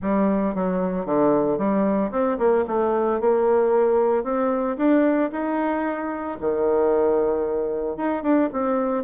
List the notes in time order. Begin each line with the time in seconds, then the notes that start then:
0.01 G3
0.54 F#3
1.05 D3
1.57 G3
2.11 C4
2.38 A#3
2.67 A3
3.20 A#3
4.23 C4
4.77 D4
5.31 D#4
6.40 D#3
7.96 D#4
8.22 D4
8.52 C4